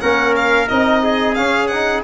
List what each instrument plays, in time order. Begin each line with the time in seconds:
0.00 tuba A#3, trombone C#4, trumpet A#4, violin F#5
0.36 violin F5
0.68 tuba C4, trombone D#4, violin D#5
1.03 trumpet G#4
1.34 trombone C#4, tuba C#4, violin F5
1.67 trombone D#4, violin F#5